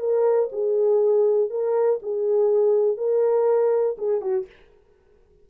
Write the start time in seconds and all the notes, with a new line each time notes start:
0.00 A#4
0.52 G#4
1.50 A#4
2.03 G#4
2.97 A#4
3.98 G#4
4.21 F#4